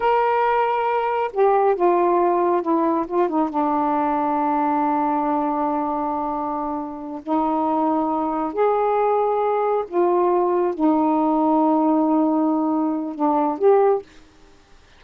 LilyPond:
\new Staff \with { instrumentName = "saxophone" } { \time 4/4 \tempo 4 = 137 ais'2. g'4 | f'2 e'4 f'8 dis'8 | d'1~ | d'1~ |
d'8 dis'2. gis'8~ | gis'2~ gis'8 f'4.~ | f'8 dis'2.~ dis'8~ | dis'2 d'4 g'4 | }